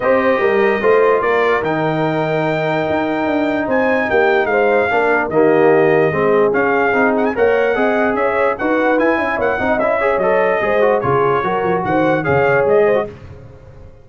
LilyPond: <<
  \new Staff \with { instrumentName = "trumpet" } { \time 4/4 \tempo 4 = 147 dis''2. d''4 | g''1~ | g''4 gis''4 g''4 f''4~ | f''4 dis''2. |
f''4. fis''16 gis''16 fis''2 | e''4 fis''4 gis''4 fis''4 | e''4 dis''2 cis''4~ | cis''4 fis''4 f''4 dis''4 | }
  \new Staff \with { instrumentName = "horn" } { \time 4/4 c''4 ais'4 c''4 ais'4~ | ais'1~ | ais'4 c''4 g'4 c''4 | ais'4 g'2 gis'4~ |
gis'2 cis''4 dis''4 | cis''4 b'4. e''8 cis''8 dis''8~ | dis''8 cis''4. c''4 gis'4 | ais'4 c''4 cis''4. c''8 | }
  \new Staff \with { instrumentName = "trombone" } { \time 4/4 g'2 f'2 | dis'1~ | dis'1 | d'4 ais2 c'4 |
cis'4 dis'4 ais'4 gis'4~ | gis'4 fis'4 e'4. dis'8 | e'8 gis'8 a'4 gis'8 fis'8 f'4 | fis'2 gis'4.~ gis'16 fis'16 | }
  \new Staff \with { instrumentName = "tuba" } { \time 4/4 c'4 g4 a4 ais4 | dis2. dis'4 | d'4 c'4 ais4 gis4 | ais4 dis2 gis4 |
cis'4 c'4 ais4 c'4 | cis'4 dis'4 e'8 cis'8 ais8 c'8 | cis'4 fis4 gis4 cis4 | fis8 f8 dis4 cis4 gis4 | }
>>